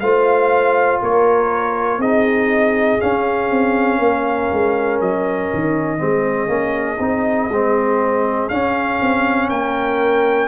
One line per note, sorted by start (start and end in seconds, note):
0.00 1.00 A3
0.00 2.01 F4
0.00 1.01 C5
0.00 1.00 F5
1.01 1.98 A#3
1.01 1.99 A#4
1.01 2.01 C#5
1.98 2.98 C4
1.98 3.00 D#4
1.98 3.99 G#4
1.98 3.01 D#5
3.00 5.98 C#4
3.00 3.50 C#4
3.00 5.01 F5
3.50 3.99 C4
3.99 4.49 A#3
3.99 6.00 A#4
4.53 5.01 G#3
5.01 5.51 F#3
5.01 8.49 D#5
5.54 6.01 D#3
5.98 6.48 G#3
5.98 6.48 C4
5.98 9.49 G#4
6.48 6.98 A#3
6.48 6.98 C#4
6.99 7.49 C4
6.99 7.50 D#4
7.49 8.49 G#3
7.49 8.51 C4
8.49 9.00 C#4
8.49 10.48 C#4
8.49 9.49 F5
9.01 9.50 C4
9.49 10.48 A#3
9.49 10.48 A#4
9.49 10.48 G5